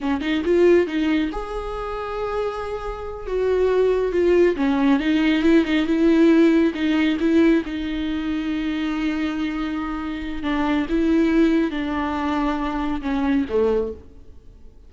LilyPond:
\new Staff \with { instrumentName = "viola" } { \time 4/4 \tempo 4 = 138 cis'8 dis'8 f'4 dis'4 gis'4~ | gis'2.~ gis'8 fis'8~ | fis'4. f'4 cis'4 dis'8~ | dis'8 e'8 dis'8 e'2 dis'8~ |
dis'8 e'4 dis'2~ dis'8~ | dis'1 | d'4 e'2 d'4~ | d'2 cis'4 a4 | }